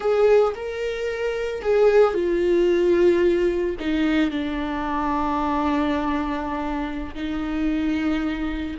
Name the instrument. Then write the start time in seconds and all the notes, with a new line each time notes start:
viola
0.00 G#4
0.55 A#4
1.62 G#4
2.14 F4
3.79 D#4
4.30 D4
7.14 D#4